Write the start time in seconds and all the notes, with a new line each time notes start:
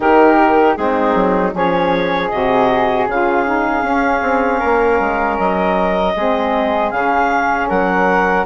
0.00 D#3 D#4 G4 A#4
0.75 G#3 C4 D#4 G#4
1.15 F#3
1.52 F3 C#4 G#4 C#5
2.29 C3 F#4 D#5
3.07 C#3 F4 F5
3.45 D#4
3.82 C#4
4.22 C4
4.58 A#3 A#4
5.00 G#3
5.38 F#3 D#5
6.16 G#3 C4 G#4
6.90 C#3 C#4 F5
7.68 F#3 A#4 F#5